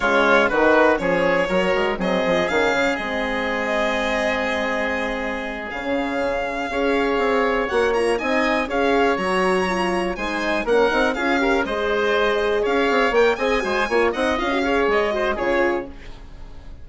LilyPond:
<<
  \new Staff \with { instrumentName = "violin" } { \time 4/4 \tempo 4 = 121 cis''4 b'4 cis''2 | dis''4 f''4 dis''2~ | dis''2.~ dis''8 f''8~ | f''2.~ f''8 fis''8 |
ais''8 gis''4 f''4 ais''4.~ | ais''8 gis''4 fis''4 f''4 dis''8~ | dis''4. f''4 g''8 gis''4~ | gis''8 fis''8 f''4 dis''4 cis''4 | }
  \new Staff \with { instrumentName = "oboe" } { \time 4/4 f'4 fis'4 gis'4 ais'4 | gis'1~ | gis'1~ | gis'4. cis''2~ cis''8~ |
cis''8 dis''4 cis''2~ cis''8~ | cis''8 c''4 ais'4 gis'8 ais'8 c''8~ | c''4. cis''4. dis''8 c''8 | cis''8 dis''4 cis''4 c''8 gis'4 | }
  \new Staff \with { instrumentName = "horn" } { \time 4/4 gis4 dis'4 cis'4 fis'4 | c'4 cis'4 c'2~ | c'2.~ c'8 cis'8~ | cis'4. gis'2 fis'8 |
f'8 dis'4 gis'4 fis'4 f'8~ | f'8 dis'4 cis'8 dis'8 f'8 g'8 gis'8~ | gis'2~ gis'8 ais'8 gis'8 fis'8 | f'8 dis'8 f'16 fis'16 gis'4 fis'8 f'4 | }
  \new Staff \with { instrumentName = "bassoon" } { \time 4/4 cis4 dis4 f4 fis8 gis8 | fis8 f8 dis8 cis8 gis2~ | gis2.~ gis8 cis8~ | cis4. cis'4 c'4 ais8~ |
ais8 c'4 cis'4 fis4.~ | fis8 gis4 ais8 c'8 cis'4 gis8~ | gis4. cis'8 c'8 ais8 c'8 gis8 | ais8 c'8 cis'4 gis4 cis4 | }
>>